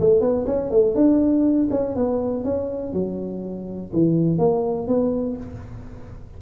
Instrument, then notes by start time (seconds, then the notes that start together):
tuba
0.00 A3
0.20 B3
0.46 C#4
0.70 A3
0.94 D4
1.70 C#4
1.95 B3
2.44 C#4
2.93 F#3
3.93 E3
4.38 A#3
4.87 B3